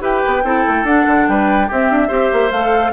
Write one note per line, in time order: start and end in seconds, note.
0.00 0.22 E4
0.00 0.42 G4
0.00 0.43 B4
0.00 0.86 G5
0.26 0.43 B3
0.43 0.64 C4
0.43 0.86 E4
0.43 1.27 A4
0.67 0.83 A3
0.83 1.04 D4
0.83 1.69 D4
0.83 1.27 F#5
1.07 1.27 D3
1.27 1.69 G3
1.27 1.67 B4
1.27 1.69 G5
1.67 1.90 C4
1.67 2.08 C4
1.67 2.08 G4
1.67 2.51 E5
1.90 2.10 D4
2.08 2.31 C4
2.08 2.50 G4
2.08 2.91 C5
2.32 2.51 A#3
2.51 2.92 A3
2.51 2.92 A4
2.51 2.92 F5